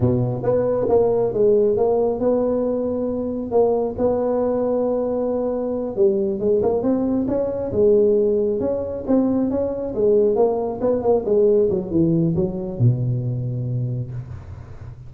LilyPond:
\new Staff \with { instrumentName = "tuba" } { \time 4/4 \tempo 4 = 136 b,4 b4 ais4 gis4 | ais4 b2. | ais4 b2.~ | b4. g4 gis8 ais8 c'8~ |
c'8 cis'4 gis2 cis'8~ | cis'8 c'4 cis'4 gis4 ais8~ | ais8 b8 ais8 gis4 fis8 e4 | fis4 b,2. | }